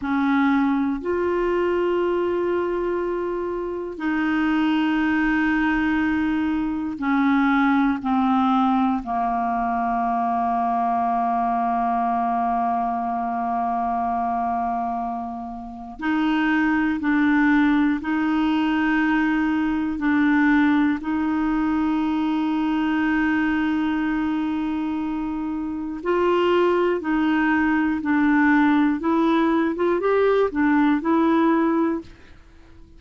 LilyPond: \new Staff \with { instrumentName = "clarinet" } { \time 4/4 \tempo 4 = 60 cis'4 f'2. | dis'2. cis'4 | c'4 ais2.~ | ais1 |
dis'4 d'4 dis'2 | d'4 dis'2.~ | dis'2 f'4 dis'4 | d'4 e'8. f'16 g'8 d'8 e'4 | }